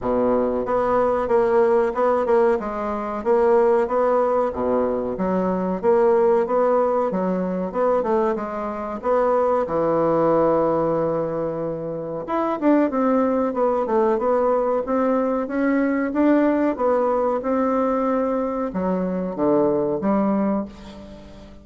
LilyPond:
\new Staff \with { instrumentName = "bassoon" } { \time 4/4 \tempo 4 = 93 b,4 b4 ais4 b8 ais8 | gis4 ais4 b4 b,4 | fis4 ais4 b4 fis4 | b8 a8 gis4 b4 e4~ |
e2. e'8 d'8 | c'4 b8 a8 b4 c'4 | cis'4 d'4 b4 c'4~ | c'4 fis4 d4 g4 | }